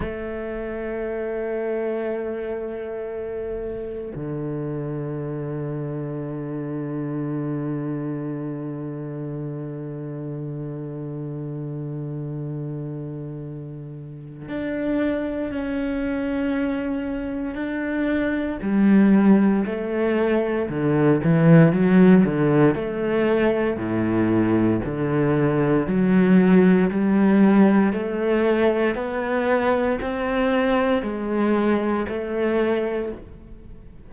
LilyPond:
\new Staff \with { instrumentName = "cello" } { \time 4/4 \tempo 4 = 58 a1 | d1~ | d1~ | d2 d'4 cis'4~ |
cis'4 d'4 g4 a4 | d8 e8 fis8 d8 a4 a,4 | d4 fis4 g4 a4 | b4 c'4 gis4 a4 | }